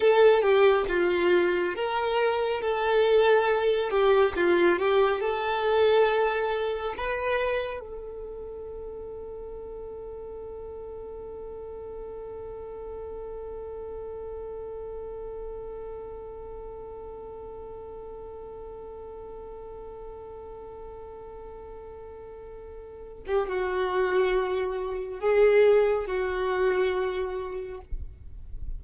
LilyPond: \new Staff \with { instrumentName = "violin" } { \time 4/4 \tempo 4 = 69 a'8 g'8 f'4 ais'4 a'4~ | a'8 g'8 f'8 g'8 a'2 | b'4 a'2.~ | a'1~ |
a'1~ | a'1~ | a'2~ a'8. g'16 fis'4~ | fis'4 gis'4 fis'2 | }